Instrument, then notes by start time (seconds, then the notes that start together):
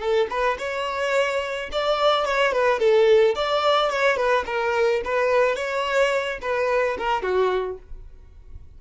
violin
0.00 A4
0.30 B4
0.59 C#5
1.72 D5
2.26 C#5
2.53 B4
2.80 A4
3.36 D5
3.90 C#5
4.17 B4
4.46 A#4
5.05 B4
5.56 C#5
6.42 B4
6.98 A#4
7.23 F#4